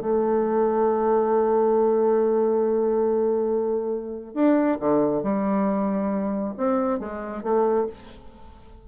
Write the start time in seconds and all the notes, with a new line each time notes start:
0.00 A3
4.34 D4
4.80 D3
5.23 G3
6.58 C4
6.99 G#3
7.43 A3